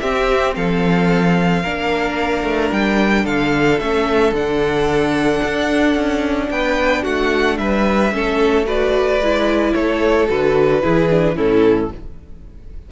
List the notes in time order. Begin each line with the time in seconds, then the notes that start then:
0.00 C4 G4 E5
0.56 F3 A4 F5
1.62 A#3 D4 A#4
2.44 A3
2.72 G3 G5
3.24 D3 A4 F5
3.80 A3 C#4 E5
4.32 D3 D4 F#5
5.44 D4
5.96 C#4
6.50 B3 B4 G5
7.02 A3 F#4 F#5
7.57 G3 B4 E5
8.12 A3 C#4 A4
8.66 F#4 B4 D5
9.19 G#3 E4
9.74 A3 A4 C#5
10.28 D3 F#4 B4
10.82 E3 E4 G#4
11.10 D4
11.35 A2 C#4 E4 A4